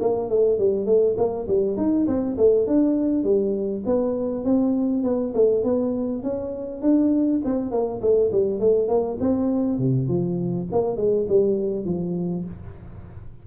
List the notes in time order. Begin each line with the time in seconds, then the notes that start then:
0.00 A#3
0.29 A3
0.59 G3
0.86 A3
1.17 A#3
1.48 G3
1.77 D#4
2.07 C4
2.37 A3
2.67 D4
3.24 G3
3.86 B3
4.44 C4
5.03 B3
5.34 A3
5.64 B3
6.23 C#4
6.82 D4
7.44 C4
7.71 A#3
8.01 A3
8.32 G3
8.60 A3
8.88 A#3
9.20 C4
9.79 C3
10.08 F3
10.71 A#3
10.97 G#3
11.28 G3
11.85 F3